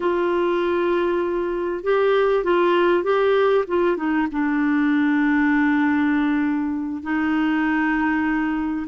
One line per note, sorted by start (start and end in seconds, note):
0.00 1.83 F4
1.83 2.44 G4
2.44 3.03 F4
3.03 3.65 G4
3.67 3.96 F4
3.96 4.27 D#4
4.31 7.02 D4
7.02 8.86 D#4